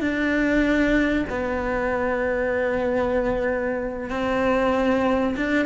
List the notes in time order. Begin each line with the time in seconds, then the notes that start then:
0.00 D4
1.29 B3
4.10 C4
5.36 D4